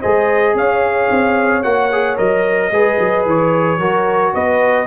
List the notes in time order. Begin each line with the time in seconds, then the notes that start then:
0.00 G#3 G#4 C5 D#5
0.55 C#4 C#5 F5
1.10 C4
1.63 A#3 F#4 F#5
1.92 G#4
2.17 F#3 A#4 D#5
2.71 G#3 G#4 B4
3.00 F#3
3.26 E3 C#5
3.79 F#3 F#4 A#4
4.34 B3 B4 D#5